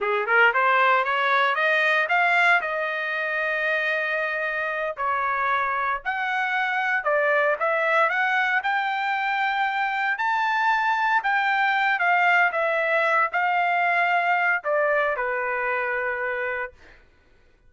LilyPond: \new Staff \with { instrumentName = "trumpet" } { \time 4/4 \tempo 4 = 115 gis'8 ais'8 c''4 cis''4 dis''4 | f''4 dis''2.~ | dis''4. cis''2 fis''8~ | fis''4. d''4 e''4 fis''8~ |
fis''8 g''2. a''8~ | a''4. g''4. f''4 | e''4. f''2~ f''8 | d''4 b'2. | }